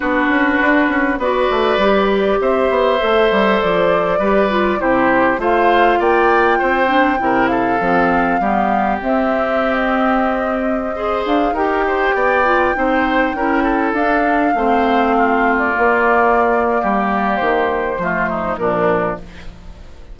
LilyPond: <<
  \new Staff \with { instrumentName = "flute" } { \time 4/4 \tempo 4 = 100 b'2 d''2 | e''2 d''2 | c''4 f''4 g''2~ | g''8 f''2~ f''8 e''4~ |
e''16 dis''2~ dis''8 f''8 g''8.~ | g''2.~ g''16 f''8.~ | f''2 d''2~ | d''4 c''2 ais'4 | }
  \new Staff \with { instrumentName = "oboe" } { \time 4/4 fis'2 b'2 | c''2. b'4 | g'4 c''4 d''4 c''4 | ais'8 a'4. g'2~ |
g'2~ g'16 c''4 ais'8 c''16~ | c''16 d''4 c''4 ais'8 a'4~ a'16~ | a'16 c''4 f'2~ f'8. | g'2 f'8 dis'8 d'4 | }
  \new Staff \with { instrumentName = "clarinet" } { \time 4/4 d'2 fis'4 g'4~ | g'4 a'2 g'8 f'8 | e'4 f'2~ f'8 d'8 | e'4 c'4 b4 c'4~ |
c'2~ c'16 gis'4 g'8.~ | g'8. f'8 dis'4 e'4 d'8.~ | d'16 c'2 ais4.~ ais16~ | ais2 a4 f4 | }
  \new Staff \with { instrumentName = "bassoon" } { \time 4/4 b8 cis'8 d'8 cis'8 b8 a8 g4 | c'8 b8 a8 g8 f4 g4 | c4 a4 ais4 c'4 | c4 f4 g4 c'4~ |
c'2~ c'8. d'8 dis'8.~ | dis'16 b4 c'4 cis'4 d'8.~ | d'16 a2 ais4.~ ais16 | g4 dis4 f4 ais,4 | }
>>